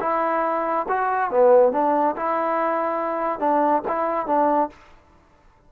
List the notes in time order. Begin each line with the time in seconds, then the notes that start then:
0.00 E4
0.88 F#4
1.30 B3
1.72 D4
2.16 E4
3.39 D4
3.88 E4
4.26 D4